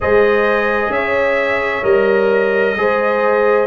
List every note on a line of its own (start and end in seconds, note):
0.00 0.89 G#3
0.00 1.83 G#4
0.00 0.93 C5
0.00 0.92 D#5
0.89 1.81 C#4
0.89 1.84 E5
0.95 2.79 C#5
1.83 2.75 G3
1.83 2.75 A#4
1.83 3.67 D#5
2.76 3.67 G#3
2.76 3.67 G#4
2.76 3.67 C5